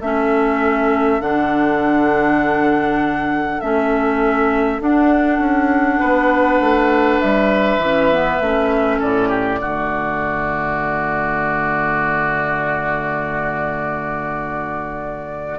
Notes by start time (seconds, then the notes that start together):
0.00 A3 C#4 A4 E5
1.21 D3 D4 F#5
3.61 A3 C#4 E5
4.80 D4 F#5
5.39 C#4
6.00 B3 B4
6.61 A3
7.21 G3 E5
7.78 E3
7.84 C#4
8.12 B3
8.41 A3 C#4
8.99 A2 A4 D5
9.29 G4
9.60 D3 A3 F#4